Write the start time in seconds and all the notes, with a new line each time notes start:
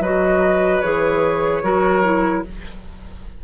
0.00 F#3 F#4 B4 D#5
0.81 E3 G#4 C#5
1.63 F#3 F#4 A#4
2.04 E4